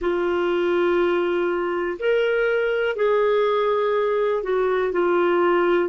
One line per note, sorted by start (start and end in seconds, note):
0.01 1.98 F4
1.99 2.96 A#4
2.96 4.43 G#4
4.43 4.92 F#4
4.92 5.89 F4